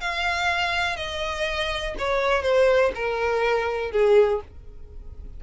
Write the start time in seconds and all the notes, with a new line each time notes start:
0.00 F5
0.96 D#5
1.98 C#5
2.42 C5
2.94 A#4
3.91 G#4